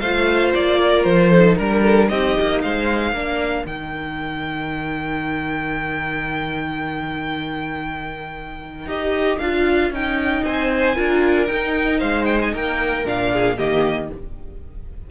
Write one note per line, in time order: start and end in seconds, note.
0.00 0.54 A3
0.00 1.34 F4
0.00 0.79 C5
0.00 0.52 F5
0.55 1.05 A#3
0.55 1.04 D5
0.79 1.30 A#4
1.04 1.57 F3
1.04 1.56 C5
1.30 1.59 D#4
1.30 1.57 A4
1.57 2.11 G3
1.57 2.11 D4
1.57 1.82 A#4
1.57 2.09 A#4
1.82 2.08 A4
2.09 2.37 C4
2.09 3.15 D#4
2.09 2.62 G4
2.09 2.62 D#5
2.41 2.64 A#3
2.62 3.13 G#3
2.62 3.16 C5
2.62 3.66 F5
3.13 3.65 A#3
3.13 3.67 D4
3.13 10.46 A#4
3.66 8.87 D#3
3.66 8.88 D#4
3.66 8.89 G5
8.87 9.39 D#4
8.87 9.40 G4
8.87 9.39 D#5
9.39 9.91 D4
9.39 9.94 F4
9.39 9.91 F5
9.91 10.43 C#4
9.91 10.96 D#4
9.91 10.45 G5
10.44 10.97 C4
10.44 10.96 C5
10.44 11.47 G#5
10.96 11.50 D4
10.96 11.48 F4
10.96 11.99 A#4
11.47 13.05 D#4
11.47 12.02 D#4
11.47 12.00 G5
11.99 12.54 G#3
11.99 12.51 C5
11.99 12.26 F5
12.26 12.39 G5
12.42 12.55 G#5
12.54 13.05 A#3
12.54 13.32 A#4
12.54 13.07 G5
13.05 13.57 A#2
13.05 13.57 D4
13.05 13.59 F5
13.33 13.58 G#4
13.58 14.11 D#3
13.58 14.10 A#3
13.58 14.10 G4
13.58 14.11 D#5